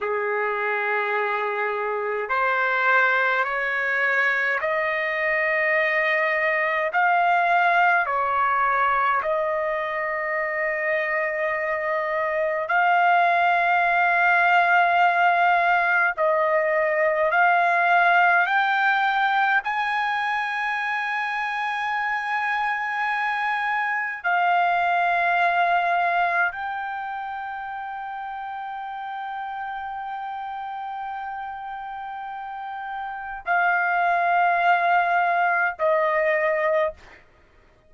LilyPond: \new Staff \with { instrumentName = "trumpet" } { \time 4/4 \tempo 4 = 52 gis'2 c''4 cis''4 | dis''2 f''4 cis''4 | dis''2. f''4~ | f''2 dis''4 f''4 |
g''4 gis''2.~ | gis''4 f''2 g''4~ | g''1~ | g''4 f''2 dis''4 | }